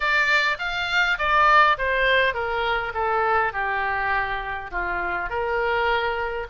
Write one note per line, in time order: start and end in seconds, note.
0.00 0.57 D5
0.59 1.17 F5
1.18 1.77 D5
1.78 2.34 C5
2.34 2.93 A#4
2.94 3.53 A4
3.53 4.70 G4
4.71 5.29 F4
5.29 6.47 A#4